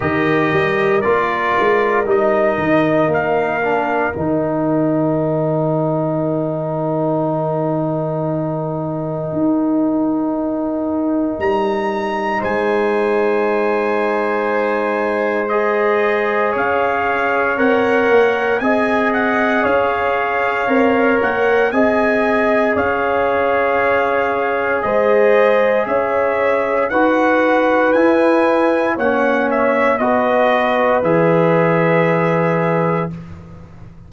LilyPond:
<<
  \new Staff \with { instrumentName = "trumpet" } { \time 4/4 \tempo 4 = 58 dis''4 d''4 dis''4 f''4 | g''1~ | g''2. ais''4 | gis''2. dis''4 |
f''4 fis''4 gis''8 fis''8 f''4~ | f''8 fis''8 gis''4 f''2 | dis''4 e''4 fis''4 gis''4 | fis''8 e''8 dis''4 e''2 | }
  \new Staff \with { instrumentName = "horn" } { \time 4/4 ais'1~ | ais'1~ | ais'1 | c''1 |
cis''2 dis''4 cis''4~ | cis''4 dis''4 cis''2 | c''4 cis''4 b'2 | cis''4 b'2. | }
  \new Staff \with { instrumentName = "trombone" } { \time 4/4 g'4 f'4 dis'4. d'8 | dis'1~ | dis'1~ | dis'2. gis'4~ |
gis'4 ais'4 gis'2 | ais'4 gis'2.~ | gis'2 fis'4 e'4 | cis'4 fis'4 gis'2 | }
  \new Staff \with { instrumentName = "tuba" } { \time 4/4 dis8 g8 ais8 gis8 g8 dis8 ais4 | dis1~ | dis4 dis'2 g4 | gis1 |
cis'4 c'8 ais8 c'4 cis'4 | c'8 ais8 c'4 cis'2 | gis4 cis'4 dis'4 e'4 | ais4 b4 e2 | }
>>